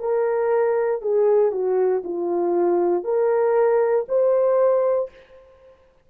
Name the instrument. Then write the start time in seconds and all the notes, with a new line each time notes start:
horn
0.00 A#4
1.02 G#4
1.52 F#4
2.04 F4
3.04 A#4
4.09 C5